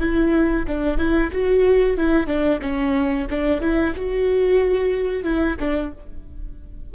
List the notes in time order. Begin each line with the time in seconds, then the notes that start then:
0.00 E4
0.67 D4
0.98 E4
1.32 F#4
1.97 E4
2.27 D4
2.61 C#4
3.30 D4
3.61 E4
3.96 F#4
5.23 E4
5.59 D4